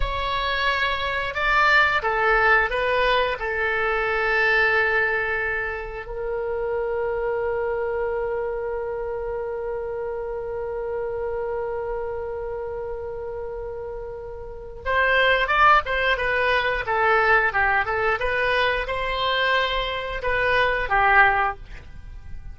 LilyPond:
\new Staff \with { instrumentName = "oboe" } { \time 4/4 \tempo 4 = 89 cis''2 d''4 a'4 | b'4 a'2.~ | a'4 ais'2.~ | ais'1~ |
ais'1~ | ais'2 c''4 d''8 c''8 | b'4 a'4 g'8 a'8 b'4 | c''2 b'4 g'4 | }